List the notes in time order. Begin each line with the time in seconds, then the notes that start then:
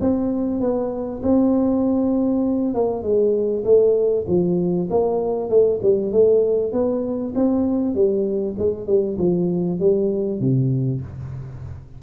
0.00 C4
0.60 B3
1.22 C4
2.74 A#3
3.03 G#3
3.64 A3
4.27 F3
4.90 A#3
5.49 A3
5.82 G3
6.11 A3
6.72 B3
7.35 C4
7.95 G3
8.58 G#3
8.86 G3
9.18 F3
9.79 G3
10.40 C3